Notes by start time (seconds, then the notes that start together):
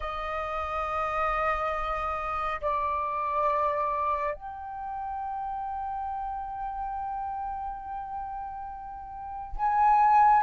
0.00 D#5
2.61 D5
4.34 G5
9.56 G#5